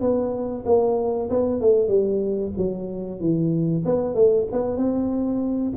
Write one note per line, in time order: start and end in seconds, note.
0.00 0.64 B3
0.65 1.29 A#3
1.30 1.60 B3
1.60 1.88 A3
1.88 2.52 G3
2.57 3.19 F#3
3.19 3.83 E3
3.85 4.15 B3
4.15 4.47 A3
4.52 4.76 B3
4.76 5.72 C4